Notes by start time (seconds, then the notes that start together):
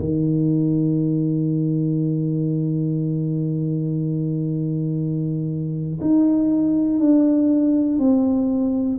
0.00 D#3
6.01 D#4
7.00 D4
8.00 C4